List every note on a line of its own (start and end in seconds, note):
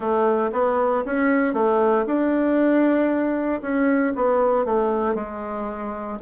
0.00 0.50 A3
0.52 1.03 B3
1.05 1.53 C#4
1.53 2.05 A3
2.06 3.61 D4
3.61 4.13 C#4
4.15 4.65 B3
4.65 5.14 A3
5.14 6.18 G#3